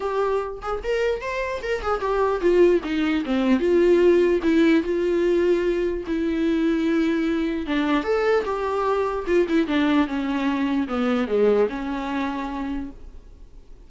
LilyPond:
\new Staff \with { instrumentName = "viola" } { \time 4/4 \tempo 4 = 149 g'4. gis'8 ais'4 c''4 | ais'8 gis'8 g'4 f'4 dis'4 | c'4 f'2 e'4 | f'2. e'4~ |
e'2. d'4 | a'4 g'2 f'8 e'8 | d'4 cis'2 b4 | gis4 cis'2. | }